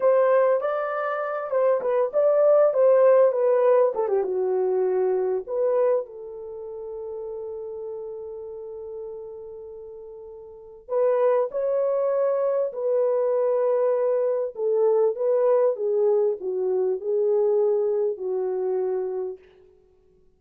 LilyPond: \new Staff \with { instrumentName = "horn" } { \time 4/4 \tempo 4 = 99 c''4 d''4. c''8 b'8 d''8~ | d''8 c''4 b'4 a'16 g'16 fis'4~ | fis'4 b'4 a'2~ | a'1~ |
a'2 b'4 cis''4~ | cis''4 b'2. | a'4 b'4 gis'4 fis'4 | gis'2 fis'2 | }